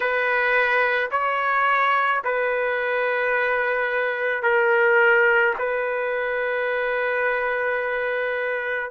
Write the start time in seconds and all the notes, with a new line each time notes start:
0.00 B4
1.11 C#5
2.24 B4
4.42 A#4
5.58 B4